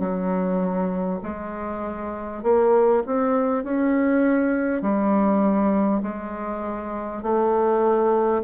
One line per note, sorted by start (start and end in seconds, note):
0.00 1.20 F#3
1.23 2.43 G#3
2.43 3.03 A#3
3.06 3.64 C4
3.64 4.82 C#4
4.82 6.02 G3
6.03 7.23 G#3
7.23 8.43 A3